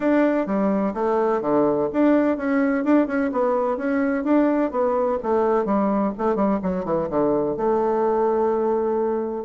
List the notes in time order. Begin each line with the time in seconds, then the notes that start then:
0.00 D4
0.46 G3
0.94 A3
1.41 D3
1.92 D4
2.37 C#4
2.84 D4
3.07 C#4
3.32 B3
3.77 C#4
4.24 D4
4.71 B3
5.22 A3
5.65 G3
6.18 A3
6.35 G3
6.62 F#3
6.85 E3
7.09 D3
7.57 A3